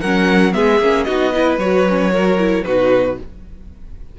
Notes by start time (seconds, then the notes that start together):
0.00 F#3 C#4 A#4 F#5
0.52 G#3 B3 G#4 E5
0.79 A#3 C#4
1.03 B3 D#4 F#4 D#5
1.33 E4 B4
1.57 F#3 F#4 C#5
1.88 C#4
2.11 F#4 A#4
2.38 E4
2.63 B2 D#4 F#4 B4